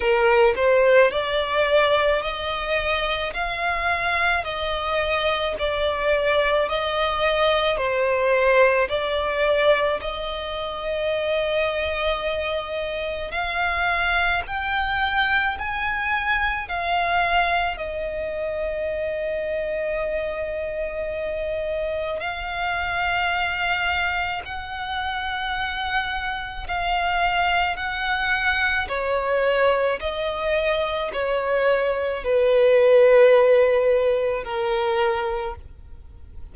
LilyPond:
\new Staff \with { instrumentName = "violin" } { \time 4/4 \tempo 4 = 54 ais'8 c''8 d''4 dis''4 f''4 | dis''4 d''4 dis''4 c''4 | d''4 dis''2. | f''4 g''4 gis''4 f''4 |
dis''1 | f''2 fis''2 | f''4 fis''4 cis''4 dis''4 | cis''4 b'2 ais'4 | }